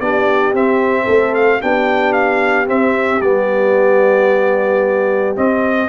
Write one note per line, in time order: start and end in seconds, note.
0.00 0.53 B3
0.00 0.54 D4
0.00 1.03 G4
0.00 0.54 D5
0.53 1.07 C4
0.53 1.61 C4
0.53 1.34 E5
1.03 1.62 A3
1.03 1.57 A4
1.34 1.61 F5
1.61 2.68 B3
1.61 2.66 D4
1.61 5.89 G4
1.61 2.13 G5
2.13 2.66 F5
2.66 3.20 C4
2.66 3.21 C4
2.66 3.21 E5
3.21 5.35 G3
3.21 5.36 B3
3.21 5.35 D5
5.36 5.89 C4
5.36 5.89 D#5